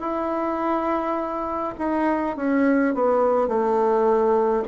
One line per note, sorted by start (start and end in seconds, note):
0.00 1.73 E4
1.78 2.36 D#4
2.36 2.94 C#4
2.94 3.47 B3
3.47 4.63 A3